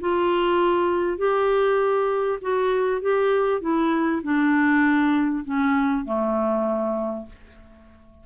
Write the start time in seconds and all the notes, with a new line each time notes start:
0.00 F4
1.17 G4
2.41 F#4
3.01 G4
3.61 E4
4.23 D4
5.44 C#4
6.05 A3